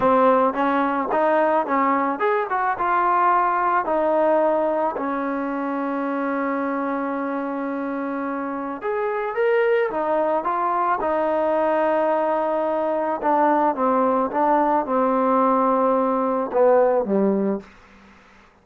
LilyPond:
\new Staff \with { instrumentName = "trombone" } { \time 4/4 \tempo 4 = 109 c'4 cis'4 dis'4 cis'4 | gis'8 fis'8 f'2 dis'4~ | dis'4 cis'2.~ | cis'1 |
gis'4 ais'4 dis'4 f'4 | dis'1 | d'4 c'4 d'4 c'4~ | c'2 b4 g4 | }